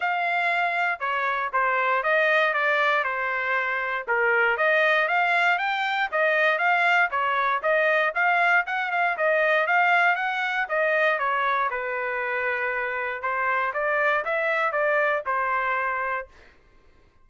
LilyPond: \new Staff \with { instrumentName = "trumpet" } { \time 4/4 \tempo 4 = 118 f''2 cis''4 c''4 | dis''4 d''4 c''2 | ais'4 dis''4 f''4 g''4 | dis''4 f''4 cis''4 dis''4 |
f''4 fis''8 f''8 dis''4 f''4 | fis''4 dis''4 cis''4 b'4~ | b'2 c''4 d''4 | e''4 d''4 c''2 | }